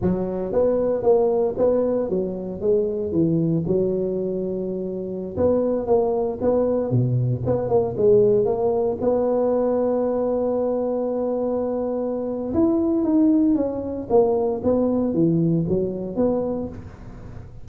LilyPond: \new Staff \with { instrumentName = "tuba" } { \time 4/4 \tempo 4 = 115 fis4 b4 ais4 b4 | fis4 gis4 e4 fis4~ | fis2~ fis16 b4 ais8.~ | ais16 b4 b,4 b8 ais8 gis8.~ |
gis16 ais4 b2~ b8.~ | b1 | e'4 dis'4 cis'4 ais4 | b4 e4 fis4 b4 | }